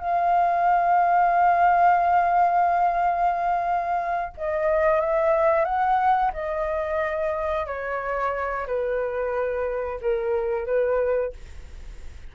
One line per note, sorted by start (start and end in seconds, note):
0.00 4.33 F5
4.38 5.01 D#5
5.01 5.65 E5
5.65 6.32 F#5
6.33 7.66 D#5
7.66 8.66 C#5
8.67 10.00 B4
10.01 10.66 A#4
10.66 11.33 B4